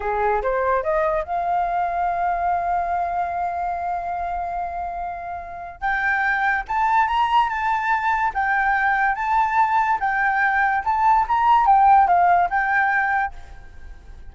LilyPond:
\new Staff \with { instrumentName = "flute" } { \time 4/4 \tempo 4 = 144 gis'4 c''4 dis''4 f''4~ | f''1~ | f''1~ | f''2 g''2 |
a''4 ais''4 a''2 | g''2 a''2 | g''2 a''4 ais''4 | g''4 f''4 g''2 | }